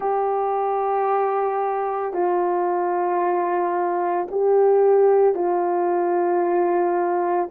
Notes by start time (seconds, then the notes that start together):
0.00 G4
2.13 F4
4.31 G4
5.34 F4